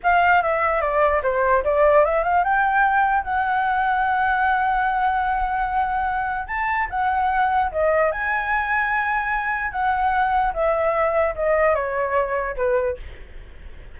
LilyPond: \new Staff \with { instrumentName = "flute" } { \time 4/4 \tempo 4 = 148 f''4 e''4 d''4 c''4 | d''4 e''8 f''8 g''2 | fis''1~ | fis''1 |
a''4 fis''2 dis''4 | gis''1 | fis''2 e''2 | dis''4 cis''2 b'4 | }